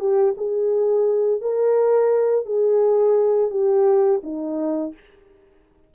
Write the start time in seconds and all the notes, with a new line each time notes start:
0.00 G4
0.38 G#4
1.41 A#4
2.46 G#4
3.51 G4
4.23 D#4